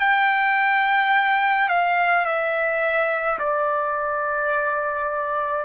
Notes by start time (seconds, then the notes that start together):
0.00 G5
1.69 F5
2.26 E5
3.40 D5